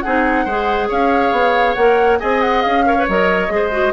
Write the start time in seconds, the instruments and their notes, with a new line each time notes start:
0.00 bassoon C4, clarinet D#4, oboe G#4, flute F#5
0.44 bassoon G#3, clarinet G#4, oboe C5
0.88 bassoon C#4, oboe C#5, flute F5
1.32 bassoon B3
1.74 bassoon A#3, clarinet A#4, flute F#5
2.19 bassoon C4, clarinet G#4, oboe D#5, flute G#5
2.41 flute F#5
2.62 bassoon C#4, flute F5
2.85 clarinet A#4, oboe C#5
2.98 clarinet B4
3.08 bassoon F#3, clarinet A#4, flute D#5
3.49 bassoon G#3, clarinet G#4
3.55 oboe C5
3.71 clarinet F#4